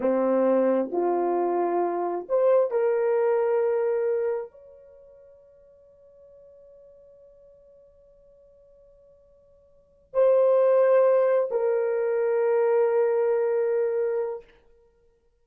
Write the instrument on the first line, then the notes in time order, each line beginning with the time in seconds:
horn
0.00 C4
0.91 F4
2.28 C5
2.70 A#4
4.51 C#5
10.13 C5
11.51 A#4